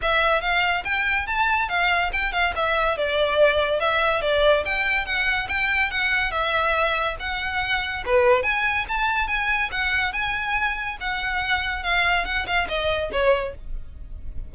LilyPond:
\new Staff \with { instrumentName = "violin" } { \time 4/4 \tempo 4 = 142 e''4 f''4 g''4 a''4 | f''4 g''8 f''8 e''4 d''4~ | d''4 e''4 d''4 g''4 | fis''4 g''4 fis''4 e''4~ |
e''4 fis''2 b'4 | gis''4 a''4 gis''4 fis''4 | gis''2 fis''2 | f''4 fis''8 f''8 dis''4 cis''4 | }